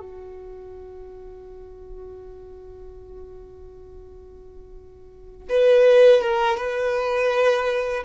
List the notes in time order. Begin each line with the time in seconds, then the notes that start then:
0.00 F#4
5.49 B4
6.22 A#4
6.57 B4